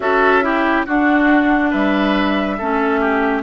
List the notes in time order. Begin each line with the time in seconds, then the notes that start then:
0.00 C#4 F#4 A4 E5
0.42 E4 G4
0.86 D4 F#4 F#5
1.70 G3 B4 E5
2.57 A3 C#4 A4
3.00 G4